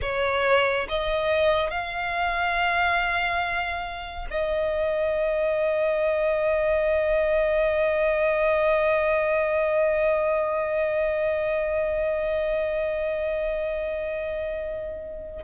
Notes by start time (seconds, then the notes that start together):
0.01 C#5
0.88 D#5
1.70 F5
4.30 D#5